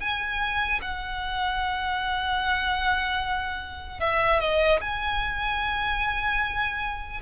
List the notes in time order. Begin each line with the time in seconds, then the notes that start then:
0.00 G#5
0.81 F#5
4.00 E5
4.40 D#5
4.81 G#5